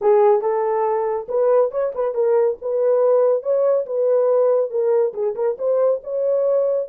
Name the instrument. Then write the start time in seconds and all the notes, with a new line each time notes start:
horn
0.01 G#4
0.41 A4
1.28 B4
1.71 C#5
1.94 B4
2.14 A#4
2.61 B4
3.42 C#5
3.86 B4
4.70 A#4
5.13 G#4
5.35 A#4
5.58 C5
6.03 C#5